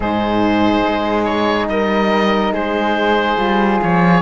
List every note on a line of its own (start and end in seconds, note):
0.00 0.83 G#2
0.00 3.37 D#4
0.00 1.69 G#4
0.00 1.24 C5
0.87 1.68 G#3
1.24 1.67 C#5
1.68 2.52 G3
1.68 2.53 A#4
1.68 2.53 D#5
2.53 3.37 G#3
2.53 4.22 G#4
2.53 3.81 C5
3.37 3.80 G3
3.37 4.21 F4
3.82 4.22 F3
3.82 4.22 C#5